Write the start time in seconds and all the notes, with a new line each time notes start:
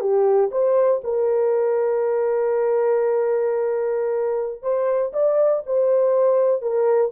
0.00 G4
0.51 C5
1.04 A#4
4.62 C5
5.13 D5
5.66 C5
6.62 A#4